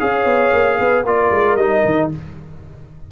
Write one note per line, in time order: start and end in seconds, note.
0.00 0.26 C#4
0.00 1.05 G#4
0.00 0.78 C#5
0.00 1.05 F5
0.26 0.52 B3
0.53 0.79 A#3
0.80 1.04 B3
0.80 1.07 B4
1.04 1.30 A#3
1.04 1.59 F4
1.04 2.11 A#4
1.04 1.57 D5
1.31 1.56 G#3
1.56 1.82 G3
1.56 2.12 D#4
1.56 2.09 D#5
1.85 2.11 D#3